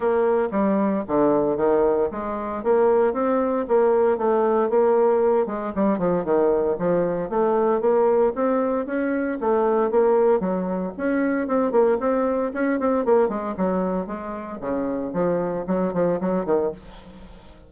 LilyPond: \new Staff \with { instrumentName = "bassoon" } { \time 4/4 \tempo 4 = 115 ais4 g4 d4 dis4 | gis4 ais4 c'4 ais4 | a4 ais4. gis8 g8 f8 | dis4 f4 a4 ais4 |
c'4 cis'4 a4 ais4 | fis4 cis'4 c'8 ais8 c'4 | cis'8 c'8 ais8 gis8 fis4 gis4 | cis4 f4 fis8 f8 fis8 dis8 | }